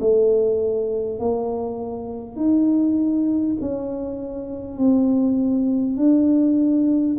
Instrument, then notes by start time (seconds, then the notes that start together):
tuba
0.00 A3
1.19 A#3
2.36 D#4
3.61 C#4
4.78 C4
5.97 D4